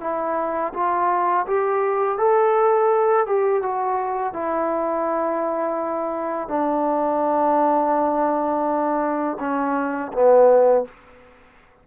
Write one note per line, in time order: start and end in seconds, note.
0.00 0.72 E4
0.73 1.46 F4
1.47 2.18 G4
2.18 3.26 A4
3.26 3.62 G4
3.62 4.33 F#4
4.33 6.48 E4
6.48 9.37 D4
9.39 10.12 C#4
10.12 10.85 B3